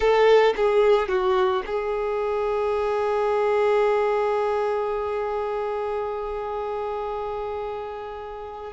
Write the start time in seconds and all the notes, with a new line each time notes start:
0.00 A4
0.56 G#4
1.08 F#4
1.66 G#4